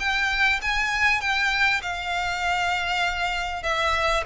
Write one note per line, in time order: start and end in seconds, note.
0.00 0.61 G5
0.62 1.21 G#5
1.21 1.82 G5
1.82 3.63 F5
3.63 4.24 E5